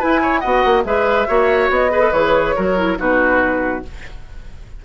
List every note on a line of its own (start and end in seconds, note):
0.00 0.43 E4
0.00 0.45 E4
0.00 0.21 B4
0.00 0.40 G#5
0.22 0.41 C#5
0.40 0.65 B3
0.40 0.85 F#4
0.40 0.83 D#5
0.40 0.83 F#5
0.65 0.85 A#3
0.85 1.28 G#3
0.85 1.27 G#4
0.85 1.28 B4
0.85 1.71 E5
1.28 1.70 A#3
1.28 1.91 F#4
1.28 1.92 C#5
1.70 2.12 B3
1.70 2.13 D#5
1.91 2.01 G#4
1.91 2.56 B4
2.01 2.12 A4
2.12 2.55 E3
2.12 2.57 G#4
2.12 2.98 C#5
2.56 3.00 F#3
2.56 2.78 F#4
2.56 2.99 A#4
2.78 2.98 E4
2.98 3.85 B2
2.98 3.83 D#4
2.98 3.85 F#4
2.98 3.86 B4